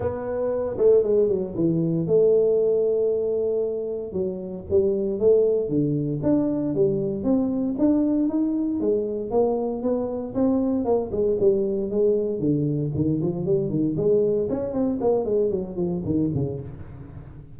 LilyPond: \new Staff \with { instrumentName = "tuba" } { \time 4/4 \tempo 4 = 116 b4. a8 gis8 fis8 e4 | a1 | fis4 g4 a4 d4 | d'4 g4 c'4 d'4 |
dis'4 gis4 ais4 b4 | c'4 ais8 gis8 g4 gis4 | d4 dis8 f8 g8 dis8 gis4 | cis'8 c'8 ais8 gis8 fis8 f8 dis8 cis8 | }